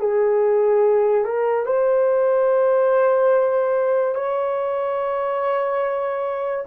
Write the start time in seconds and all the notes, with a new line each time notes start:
0.00 G#4
1.25 A#4
1.66 C5
4.15 C#5